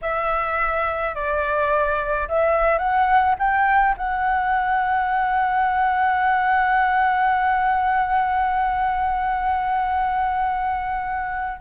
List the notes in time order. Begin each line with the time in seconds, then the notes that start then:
0.01 E5
1.14 D5
2.28 E5
2.78 F#5
3.38 G5
3.97 F#5